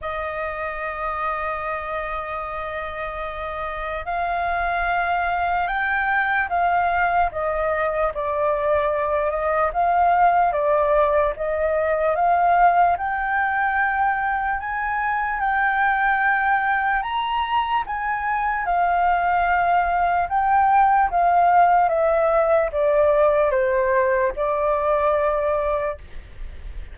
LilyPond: \new Staff \with { instrumentName = "flute" } { \time 4/4 \tempo 4 = 74 dis''1~ | dis''4 f''2 g''4 | f''4 dis''4 d''4. dis''8 | f''4 d''4 dis''4 f''4 |
g''2 gis''4 g''4~ | g''4 ais''4 gis''4 f''4~ | f''4 g''4 f''4 e''4 | d''4 c''4 d''2 | }